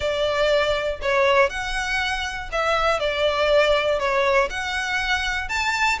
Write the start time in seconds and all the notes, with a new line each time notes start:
0.00 D5
1.01 C#5
1.49 F#5
2.51 E5
2.99 D5
3.99 C#5
4.50 F#5
5.49 A5